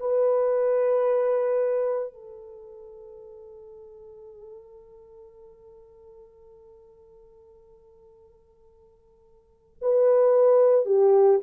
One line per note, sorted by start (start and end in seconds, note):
0.00 2.14 B4
2.14 9.77 A4
9.82 10.86 B4
10.86 11.40 G4